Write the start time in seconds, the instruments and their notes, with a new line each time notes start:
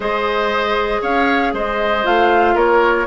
0.00 bassoon G#3, clarinet G#4, oboe C5, flute D#5
1.01 bassoon C#4, oboe C#5, flute F5
1.53 bassoon G#3, oboe C5, flute D#5
2.03 bassoon A3, clarinet F4, flute F5
2.54 bassoon A#3, oboe A#4, flute C#5